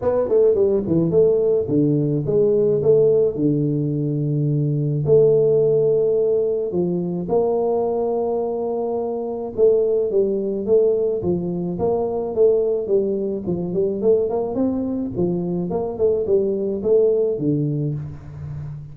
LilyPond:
\new Staff \with { instrumentName = "tuba" } { \time 4/4 \tempo 4 = 107 b8 a8 g8 e8 a4 d4 | gis4 a4 d2~ | d4 a2. | f4 ais2.~ |
ais4 a4 g4 a4 | f4 ais4 a4 g4 | f8 g8 a8 ais8 c'4 f4 | ais8 a8 g4 a4 d4 | }